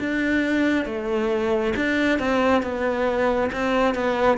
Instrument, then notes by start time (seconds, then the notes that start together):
cello
0.00 D4
0.85 A3
1.76 D4
2.19 C4
2.63 B3
3.52 C4
3.95 B3